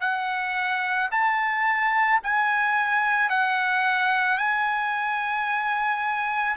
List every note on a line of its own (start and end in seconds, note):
0.00 1.09 F#5
1.11 2.20 A5
2.23 3.29 G#5
3.29 4.38 F#5
4.38 6.56 G#5